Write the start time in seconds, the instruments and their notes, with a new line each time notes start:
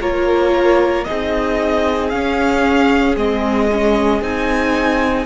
0.00 cello A#3, viola F4, violin A#4 C#5
1.04 cello C4, viola D#4, violin G#4 D#5
2.09 viola C#4, cello C#4, violin F5
3.16 cello G#3, viola C4, violin D#5
3.71 viola C#4
4.21 cello C4, viola D#4, violin G#5